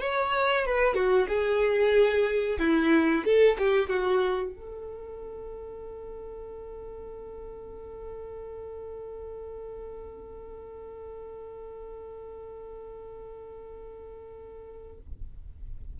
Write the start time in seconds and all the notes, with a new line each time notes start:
0.00 C#5
0.65 B4
0.94 F#4
1.28 G#4
2.59 E4
3.25 A4
3.58 G4
3.89 F#4
4.54 A4